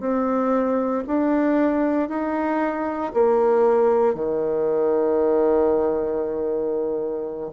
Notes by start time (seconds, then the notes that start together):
0.00 C4
1.07 D4
2.09 D#4
3.14 A#3
4.14 D#3